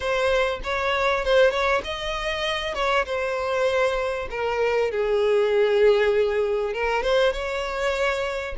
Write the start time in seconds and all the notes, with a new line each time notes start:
0.00 C5
0.63 C#5
1.24 C5
1.51 C#5
1.83 D#5
2.74 C#5
3.05 C5
4.30 A#4
4.91 G#4
6.73 A#4
7.02 C5
7.32 C#5